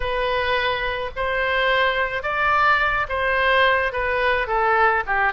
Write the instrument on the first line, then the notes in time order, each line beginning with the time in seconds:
oboe
0.00 B4
1.15 C5
2.22 D5
3.08 C5
3.92 B4
4.47 A4
5.06 G4